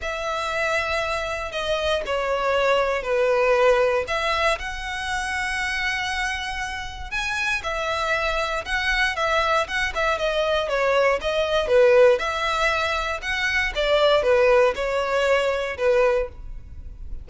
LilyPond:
\new Staff \with { instrumentName = "violin" } { \time 4/4 \tempo 4 = 118 e''2. dis''4 | cis''2 b'2 | e''4 fis''2.~ | fis''2 gis''4 e''4~ |
e''4 fis''4 e''4 fis''8 e''8 | dis''4 cis''4 dis''4 b'4 | e''2 fis''4 d''4 | b'4 cis''2 b'4 | }